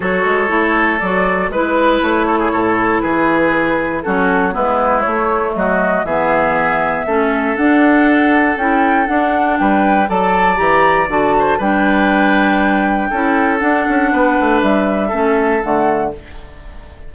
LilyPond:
<<
  \new Staff \with { instrumentName = "flute" } { \time 4/4 \tempo 4 = 119 cis''2 d''4 b'4 | cis''2 b'2 | a'4 b'4 cis''4 dis''4 | e''2. fis''4~ |
fis''4 g''4 fis''4 g''4 | a''4 ais''4 a''4 g''4~ | g''2. fis''4~ | fis''4 e''2 fis''4 | }
  \new Staff \with { instrumentName = "oboe" } { \time 4/4 a'2. b'4~ | b'8 a'16 gis'16 a'4 gis'2 | fis'4 e'2 fis'4 | gis'2 a'2~ |
a'2. b'4 | d''2~ d''8 c''8 b'4~ | b'2 a'2 | b'2 a'2 | }
  \new Staff \with { instrumentName = "clarinet" } { \time 4/4 fis'4 e'4 fis'4 e'4~ | e'1 | cis'4 b4 a2 | b2 cis'4 d'4~ |
d'4 e'4 d'2 | a'4 g'4 fis'4 d'4~ | d'2 e'4 d'4~ | d'2 cis'4 a4 | }
  \new Staff \with { instrumentName = "bassoon" } { \time 4/4 fis8 gis8 a4 fis4 gis4 | a4 a,4 e2 | fis4 gis4 a4 fis4 | e2 a4 d'4~ |
d'4 cis'4 d'4 g4 | fis4 e4 d4 g4~ | g2 cis'4 d'8 cis'8 | b8 a8 g4 a4 d4 | }
>>